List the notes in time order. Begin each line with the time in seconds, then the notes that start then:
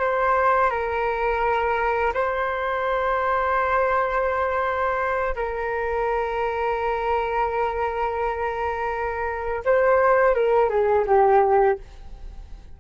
0.00 C5
0.70 A#4
2.14 C5
5.36 A#4
9.66 C5
10.35 A#4
10.70 G#4
11.07 G4